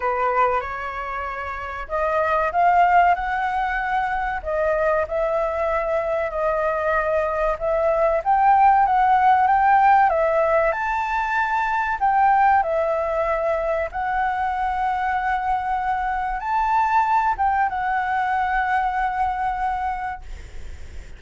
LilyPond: \new Staff \with { instrumentName = "flute" } { \time 4/4 \tempo 4 = 95 b'4 cis''2 dis''4 | f''4 fis''2 dis''4 | e''2 dis''2 | e''4 g''4 fis''4 g''4 |
e''4 a''2 g''4 | e''2 fis''2~ | fis''2 a''4. g''8 | fis''1 | }